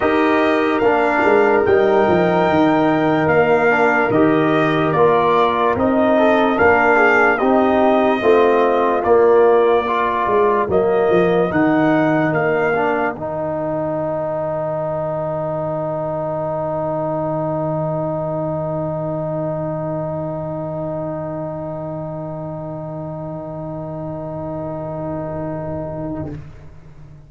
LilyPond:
<<
  \new Staff \with { instrumentName = "trumpet" } { \time 4/4 \tempo 4 = 73 dis''4 f''4 g''2 | f''4 dis''4 d''4 dis''4 | f''4 dis''2 d''4~ | d''4 dis''4 fis''4 f''4 |
g''1~ | g''1~ | g''1~ | g''1 | }
  \new Staff \with { instrumentName = "horn" } { \time 4/4 ais'1~ | ais'2.~ ais'8 a'8 | ais'8 gis'8 g'4 f'2 | ais'1~ |
ais'1~ | ais'1~ | ais'1~ | ais'1 | }
  \new Staff \with { instrumentName = "trombone" } { \time 4/4 g'4 d'4 dis'2~ | dis'8 d'8 g'4 f'4 dis'4 | d'4 dis'4 c'4 ais4 | f'4 ais4 dis'4. d'8 |
dis'1~ | dis'1~ | dis'1~ | dis'1 | }
  \new Staff \with { instrumentName = "tuba" } { \time 4/4 dis'4 ais8 gis8 g8 f8 dis4 | ais4 dis4 ais4 c'4 | ais4 c'4 a4 ais4~ | ais8 gis8 fis8 f8 dis4 ais4 |
dis1~ | dis1~ | dis1~ | dis1 | }
>>